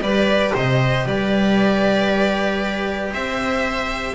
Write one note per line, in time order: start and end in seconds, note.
0.00 0.52 G3
0.00 4.14 G4
0.00 0.54 B4
0.00 0.54 D5
0.54 1.05 C3
0.54 1.05 C5
0.54 1.07 D#5
1.05 3.12 G3
1.05 3.12 B4
1.05 3.12 D5
3.12 4.14 C4
3.12 4.14 C5
3.12 4.14 E5